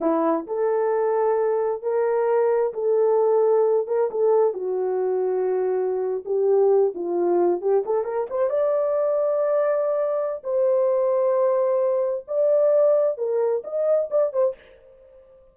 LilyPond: \new Staff \with { instrumentName = "horn" } { \time 4/4 \tempo 4 = 132 e'4 a'2. | ais'2 a'2~ | a'8 ais'8 a'4 fis'2~ | fis'4.~ fis'16 g'4. f'8.~ |
f'8. g'8 a'8 ais'8 c''8 d''4~ d''16~ | d''2. c''4~ | c''2. d''4~ | d''4 ais'4 dis''4 d''8 c''8 | }